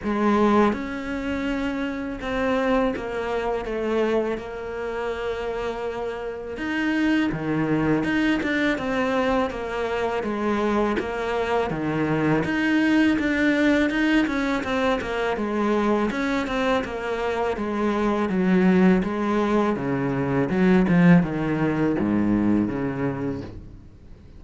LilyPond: \new Staff \with { instrumentName = "cello" } { \time 4/4 \tempo 4 = 82 gis4 cis'2 c'4 | ais4 a4 ais2~ | ais4 dis'4 dis4 dis'8 d'8 | c'4 ais4 gis4 ais4 |
dis4 dis'4 d'4 dis'8 cis'8 | c'8 ais8 gis4 cis'8 c'8 ais4 | gis4 fis4 gis4 cis4 | fis8 f8 dis4 gis,4 cis4 | }